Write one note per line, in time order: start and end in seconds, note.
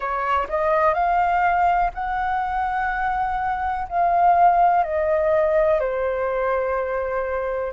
0.00 0.47 C#5
0.48 0.94 D#5
0.94 1.90 F5
1.94 3.87 F#5
3.88 4.83 F5
4.83 5.80 D#5
5.80 7.72 C5